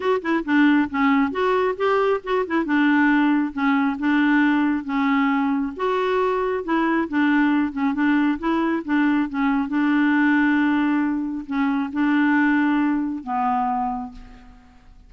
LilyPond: \new Staff \with { instrumentName = "clarinet" } { \time 4/4 \tempo 4 = 136 fis'8 e'8 d'4 cis'4 fis'4 | g'4 fis'8 e'8 d'2 | cis'4 d'2 cis'4~ | cis'4 fis'2 e'4 |
d'4. cis'8 d'4 e'4 | d'4 cis'4 d'2~ | d'2 cis'4 d'4~ | d'2 b2 | }